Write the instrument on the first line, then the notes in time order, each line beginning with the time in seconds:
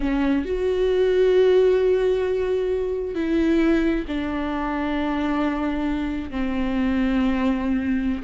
viola
0.00 C#4
0.45 F#4
3.14 E4
4.07 D4
6.31 C4